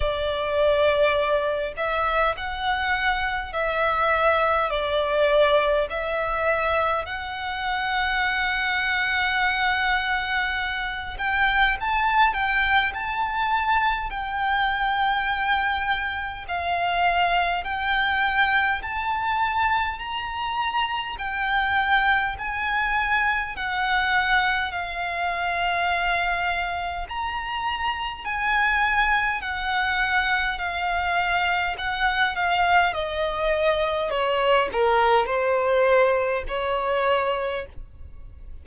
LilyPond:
\new Staff \with { instrumentName = "violin" } { \time 4/4 \tempo 4 = 51 d''4. e''8 fis''4 e''4 | d''4 e''4 fis''2~ | fis''4. g''8 a''8 g''8 a''4 | g''2 f''4 g''4 |
a''4 ais''4 g''4 gis''4 | fis''4 f''2 ais''4 | gis''4 fis''4 f''4 fis''8 f''8 | dis''4 cis''8 ais'8 c''4 cis''4 | }